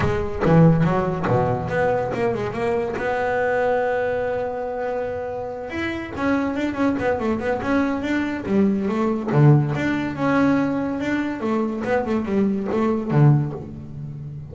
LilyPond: \new Staff \with { instrumentName = "double bass" } { \time 4/4 \tempo 4 = 142 gis4 e4 fis4 b,4 | b4 ais8 gis8 ais4 b4~ | b1~ | b4. e'4 cis'4 d'8 |
cis'8 b8 a8 b8 cis'4 d'4 | g4 a4 d4 d'4 | cis'2 d'4 a4 | b8 a8 g4 a4 d4 | }